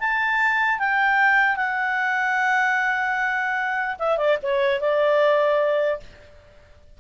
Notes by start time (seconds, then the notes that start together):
0.00 A5
0.79 G5
1.56 F#5
3.99 E5
4.18 D5
4.43 C#5
4.81 D5